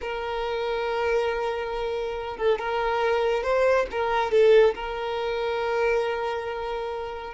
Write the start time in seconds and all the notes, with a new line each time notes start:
0.01 A#4
2.37 A4
2.59 A#4
3.43 C5
3.91 A#4
4.31 A4
4.75 A#4